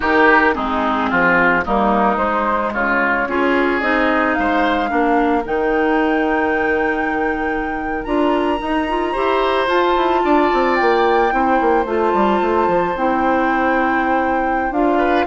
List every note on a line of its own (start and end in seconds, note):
0.00 0.55 D#3
0.00 0.54 D#4
0.00 0.54 G4
0.00 0.54 A#4
0.54 1.11 G#3
0.54 1.63 C4
0.54 1.10 D#4
0.54 1.63 G#4
1.10 1.66 F3
1.10 1.64 F4
1.64 2.16 G3
1.64 2.16 A#3
1.64 2.73 D#4
1.64 2.17 A#4
2.16 2.71 G#3
2.16 3.26 G#3
2.16 2.71 C5
2.73 3.27 C#3
2.73 3.28 F4
2.73 3.80 C#5
3.27 3.81 C#4
3.27 3.81 F4
3.27 4.38 G#4
3.80 4.36 C4
3.80 4.87 D#4
3.80 4.34 D#5
4.34 4.91 G#3
4.34 4.90 C5
4.34 5.43 F5
4.87 5.45 A#3
4.87 5.42 D4
4.87 9.11 A#4
5.45 8.04 D#3
5.45 8.04 D#4
5.45 8.04 G5
8.04 8.60 D4
8.04 8.58 F4
8.04 9.67 A#5
8.58 8.85 D#4
8.58 9.16 D#4
8.88 9.14 F4
9.11 9.67 E4
9.11 9.67 G4
9.11 10.21 C5
9.67 9.94 F4
9.67 11.30 F4
9.67 10.75 A5
9.96 10.23 E4
10.23 10.51 D4
10.23 11.33 D5
10.53 10.80 C4
10.75 11.32 A#3
10.75 11.84 G5
11.30 11.59 C4
11.30 11.84 E4
11.30 14.98 C5
11.61 11.85 A#3
11.85 12.12 A3
11.85 12.95 F4
11.85 12.97 A5
12.13 12.40 G3
12.41 12.67 A3
12.67 12.94 F3
12.95 14.71 C4
12.95 14.73 E4
12.95 14.72 G5
14.71 15.25 D4
14.71 15.27 F4
14.71 15.27 F5
14.98 15.25 B4